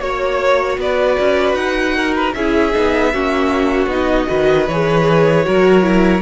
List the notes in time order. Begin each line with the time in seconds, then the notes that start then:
0.00 A#3 F#4 C#5
0.77 B3 B4 D5
1.19 C#4
1.53 D#4 F#5
1.96 A#4
2.15 B4
2.33 C#4 E4 G#4 E5
2.73 B3 D#4
3.13 A#3 C#4 F#4
3.86 B3 D#4
3.93 D#5
4.26 D#3 F#4 B4
4.67 E3 G#4 C#5
5.44 F#3 F#4 A#4
5.82 E4